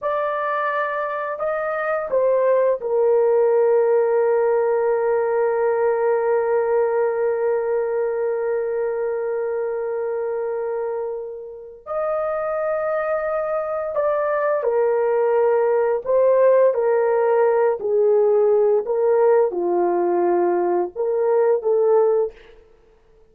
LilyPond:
\new Staff \with { instrumentName = "horn" } { \time 4/4 \tempo 4 = 86 d''2 dis''4 c''4 | ais'1~ | ais'1~ | ais'1~ |
ais'4 dis''2. | d''4 ais'2 c''4 | ais'4. gis'4. ais'4 | f'2 ais'4 a'4 | }